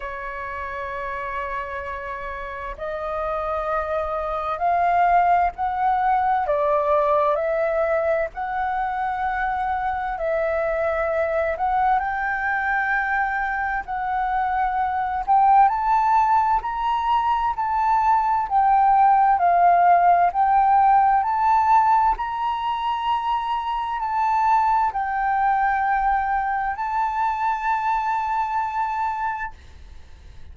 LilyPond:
\new Staff \with { instrumentName = "flute" } { \time 4/4 \tempo 4 = 65 cis''2. dis''4~ | dis''4 f''4 fis''4 d''4 | e''4 fis''2 e''4~ | e''8 fis''8 g''2 fis''4~ |
fis''8 g''8 a''4 ais''4 a''4 | g''4 f''4 g''4 a''4 | ais''2 a''4 g''4~ | g''4 a''2. | }